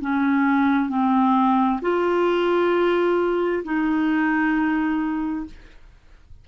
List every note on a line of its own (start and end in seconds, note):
0.00 0.89 C#4
0.89 1.80 C4
1.81 3.63 F4
3.63 5.45 D#4